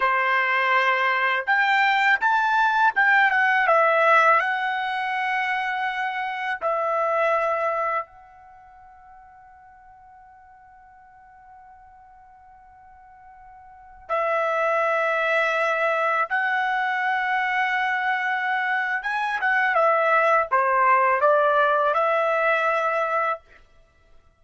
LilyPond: \new Staff \with { instrumentName = "trumpet" } { \time 4/4 \tempo 4 = 82 c''2 g''4 a''4 | g''8 fis''8 e''4 fis''2~ | fis''4 e''2 fis''4~ | fis''1~ |
fis''2.~ fis''16 e''8.~ | e''2~ e''16 fis''4.~ fis''16~ | fis''2 gis''8 fis''8 e''4 | c''4 d''4 e''2 | }